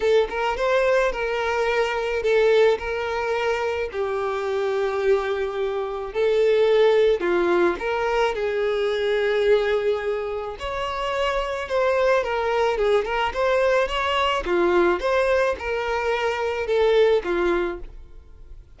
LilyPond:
\new Staff \with { instrumentName = "violin" } { \time 4/4 \tempo 4 = 108 a'8 ais'8 c''4 ais'2 | a'4 ais'2 g'4~ | g'2. a'4~ | a'4 f'4 ais'4 gis'4~ |
gis'2. cis''4~ | cis''4 c''4 ais'4 gis'8 ais'8 | c''4 cis''4 f'4 c''4 | ais'2 a'4 f'4 | }